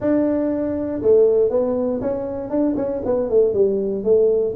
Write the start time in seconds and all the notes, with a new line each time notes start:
0.00 D4
1.02 A3
1.50 B3
2.01 C#4
2.50 D4
2.76 C#4
3.05 B3
3.29 A3
3.53 G3
4.03 A3